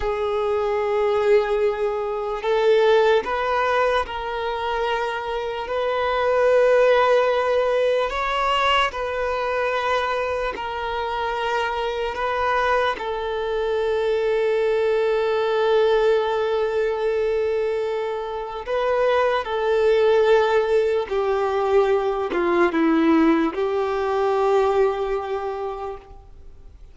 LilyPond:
\new Staff \with { instrumentName = "violin" } { \time 4/4 \tempo 4 = 74 gis'2. a'4 | b'4 ais'2 b'4~ | b'2 cis''4 b'4~ | b'4 ais'2 b'4 |
a'1~ | a'2. b'4 | a'2 g'4. f'8 | e'4 g'2. | }